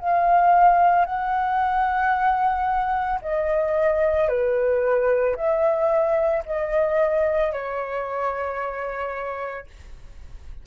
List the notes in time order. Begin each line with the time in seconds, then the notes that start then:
0.00 F5
1.06 F#5
3.22 D#5
4.29 B4
5.36 E5
6.46 D#5
7.52 C#5